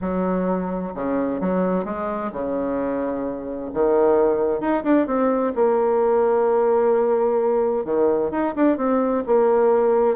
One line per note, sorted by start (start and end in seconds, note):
0.01 0.93 F#3
0.94 1.40 C#3
1.40 1.84 F#3
1.84 2.31 G#3
2.32 3.70 C#3
3.73 4.60 D#3
4.60 4.83 D#4
4.83 5.06 D4
5.06 5.52 C4
5.55 7.85 A#3
7.85 8.30 D#3
8.30 8.53 D#4
8.55 8.77 D4
8.77 9.23 C4
9.26 10.16 A#3